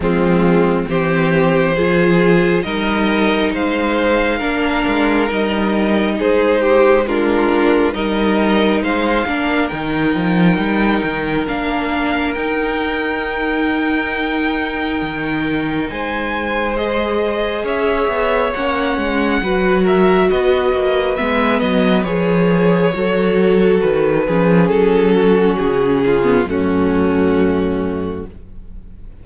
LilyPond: <<
  \new Staff \with { instrumentName = "violin" } { \time 4/4 \tempo 4 = 68 f'4 c''2 dis''4 | f''2 dis''4 c''4 | ais'4 dis''4 f''4 g''4~ | g''4 f''4 g''2~ |
g''2 gis''4 dis''4 | e''4 fis''4. e''8 dis''4 | e''8 dis''8 cis''2 b'4 | a'4 gis'4 fis'2 | }
  \new Staff \with { instrumentName = "violin" } { \time 4/4 c'4 g'4 gis'4 ais'4 | c''4 ais'2 gis'8 g'8 | f'4 ais'4 c''8 ais'4.~ | ais'1~ |
ais'2 c''2 | cis''2 b'8 ais'8 b'4~ | b'2 a'4. gis'8~ | gis'8 fis'4 f'8 cis'2 | }
  \new Staff \with { instrumentName = "viola" } { \time 4/4 gis4 c'4 f'4 dis'4~ | dis'4 d'4 dis'2 | d'4 dis'4. d'8 dis'4~ | dis'4 d'4 dis'2~ |
dis'2. gis'4~ | gis'4 cis'4 fis'2 | b4 gis'4 fis'4. cis'8~ | cis'4.~ cis'16 b16 a2 | }
  \new Staff \with { instrumentName = "cello" } { \time 4/4 f4 e4 f4 g4 | gis4 ais8 gis8 g4 gis4~ | gis4 g4 gis8 ais8 dis8 f8 | g8 dis8 ais4 dis'2~ |
dis'4 dis4 gis2 | cis'8 b8 ais8 gis8 fis4 b8 ais8 | gis8 fis8 f4 fis4 dis8 f8 | fis4 cis4 fis,2 | }
>>